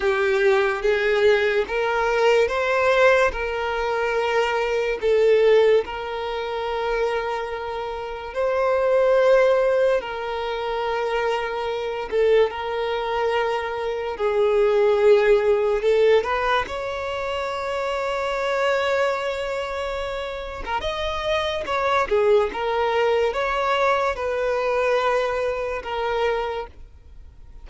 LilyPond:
\new Staff \with { instrumentName = "violin" } { \time 4/4 \tempo 4 = 72 g'4 gis'4 ais'4 c''4 | ais'2 a'4 ais'4~ | ais'2 c''2 | ais'2~ ais'8 a'8 ais'4~ |
ais'4 gis'2 a'8 b'8 | cis''1~ | cis''8. ais'16 dis''4 cis''8 gis'8 ais'4 | cis''4 b'2 ais'4 | }